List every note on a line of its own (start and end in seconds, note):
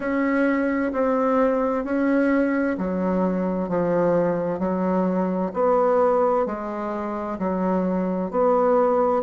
0.00 0.92 C#4
0.92 1.84 C4
1.84 2.77 C#4
2.78 3.68 F#3
3.68 4.59 F3
4.59 5.51 F#3
5.53 6.46 B3
6.46 7.38 G#3
7.38 8.31 F#3
8.31 9.22 B3